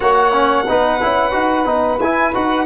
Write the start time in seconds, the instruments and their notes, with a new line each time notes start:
0.00 tuba A#3, trombone F#4, saxophone C#5, violin F#5
0.32 trombone C#4
0.68 tuba B3, trombone D#4, saxophone B4
1.01 tuba C#4, trombone E4
1.31 tuba D#4, trombone F#4
1.65 tuba B3, trombone D#4
1.99 tuba E4, trombone E4, violin G#5
2.33 tuba D#4, trombone F#4, violin F#5